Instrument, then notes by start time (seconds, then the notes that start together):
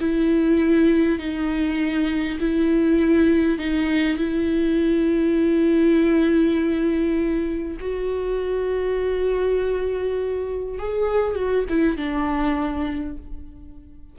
viola
0.00 E4
1.19 D#4
2.40 E4
3.58 D#4
4.18 E4
7.80 F#4
10.79 G#4
11.35 F#4
11.69 E4
11.97 D4